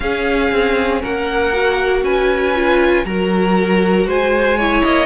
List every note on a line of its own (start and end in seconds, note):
0.00 0.50 C#4
0.00 1.53 C#4
0.00 1.01 G#4
0.00 1.02 F5
0.51 1.02 C4
1.01 2.02 A#3
1.01 2.03 A#4
1.01 2.04 F#5
1.53 2.54 F#4
2.02 3.04 C#4
2.02 3.05 B4
2.02 3.05 G#5
2.54 3.05 F4
3.04 4.06 F#3
3.04 4.58 F#4
3.04 4.07 A#4
3.04 4.07 A#5
4.06 4.82 G#3
4.06 4.57 C5
4.06 4.83 G#5
4.57 5.06 E4
4.57 5.06 C#5
4.83 5.06 A#3
4.83 5.06 D#5